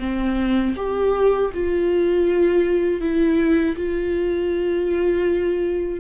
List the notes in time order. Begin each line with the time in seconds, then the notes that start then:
0.00 C4
0.77 G4
1.54 F4
3.01 E4
3.76 F4